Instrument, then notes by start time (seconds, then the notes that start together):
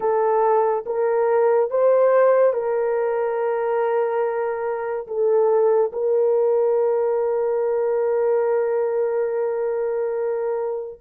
horn
0.00 A4
0.86 A#4
1.70 C5
2.53 A#4
5.07 A4
5.92 A#4